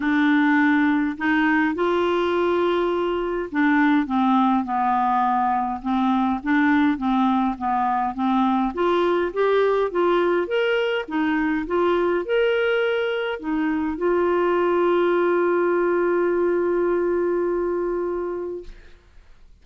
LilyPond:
\new Staff \with { instrumentName = "clarinet" } { \time 4/4 \tempo 4 = 103 d'2 dis'4 f'4~ | f'2 d'4 c'4 | b2 c'4 d'4 | c'4 b4 c'4 f'4 |
g'4 f'4 ais'4 dis'4 | f'4 ais'2 dis'4 | f'1~ | f'1 | }